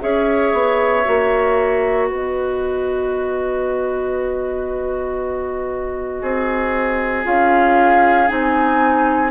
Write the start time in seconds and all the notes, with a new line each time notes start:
0.00 C#4 G#4 C#5 E5
0.53 B3
1.04 A#3 F#4
2.07 B3 B4 D#5
6.21 C4 G#4
7.24 C#4 F4 F5
8.27 C4 D#4 G#5